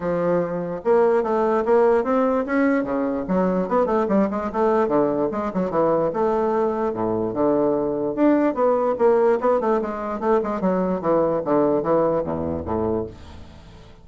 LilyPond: \new Staff \with { instrumentName = "bassoon" } { \time 4/4 \tempo 4 = 147 f2 ais4 a4 | ais4 c'4 cis'4 cis4 | fis4 b8 a8 g8 gis8 a4 | d4 gis8 fis8 e4 a4~ |
a4 a,4 d2 | d'4 b4 ais4 b8 a8 | gis4 a8 gis8 fis4 e4 | d4 e4 e,4 a,4 | }